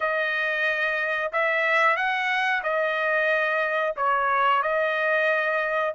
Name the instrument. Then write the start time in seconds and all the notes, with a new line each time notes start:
trumpet
0.00 D#5
1.32 E5
1.96 F#5
2.63 D#5
3.96 C#5
4.62 D#5